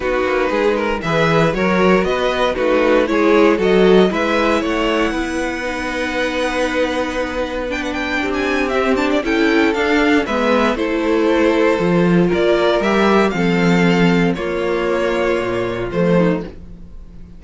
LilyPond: <<
  \new Staff \with { instrumentName = "violin" } { \time 4/4 \tempo 4 = 117 b'2 e''4 cis''4 | dis''4 b'4 cis''4 dis''4 | e''4 fis''2.~ | fis''2. g''16 fis''16 g''8~ |
g''16 gis''8. e''8 a''16 d''16 g''4 f''4 | e''4 c''2. | d''4 e''4 f''2 | cis''2. c''4 | }
  \new Staff \with { instrumentName = "violin" } { \time 4/4 fis'4 gis'8 ais'8 b'4 ais'4 | b'4 fis'4 gis'4 a'4 | b'4 cis''4 b'2~ | b'1 |
g'2 a'2 | b'4 a'2. | ais'2 a'2 | f'2.~ f'8 dis'8 | }
  \new Staff \with { instrumentName = "viola" } { \time 4/4 dis'2 gis'4 fis'4~ | fis'4 dis'4 e'4 fis'4 | e'2. dis'4~ | dis'2. d'4~ |
d'4 c'8 d'8 e'4 d'4 | b4 e'2 f'4~ | f'4 g'4 c'2 | ais2. a4 | }
  \new Staff \with { instrumentName = "cello" } { \time 4/4 b8 ais8 gis4 e4 fis4 | b4 a4 gis4 fis4 | gis4 a4 b2~ | b1 |
c'2 cis'4 d'4 | gis4 a2 f4 | ais4 g4 f2 | ais2 ais,4 f4 | }
>>